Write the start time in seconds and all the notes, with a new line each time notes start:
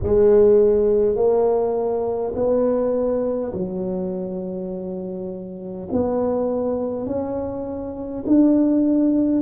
0.02 G#3
1.15 A#3
2.35 B3
3.53 F#3
5.91 B3
7.06 C#4
8.26 D4